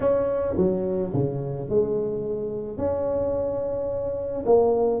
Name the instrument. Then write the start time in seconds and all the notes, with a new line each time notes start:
tuba
0.00 C#4
0.57 F#3
1.13 C#3
1.69 G#3
2.77 C#4
4.45 A#3